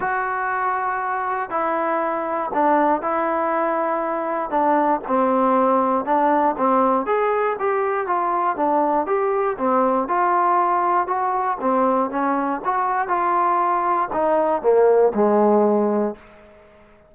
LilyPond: \new Staff \with { instrumentName = "trombone" } { \time 4/4 \tempo 4 = 119 fis'2. e'4~ | e'4 d'4 e'2~ | e'4 d'4 c'2 | d'4 c'4 gis'4 g'4 |
f'4 d'4 g'4 c'4 | f'2 fis'4 c'4 | cis'4 fis'4 f'2 | dis'4 ais4 gis2 | }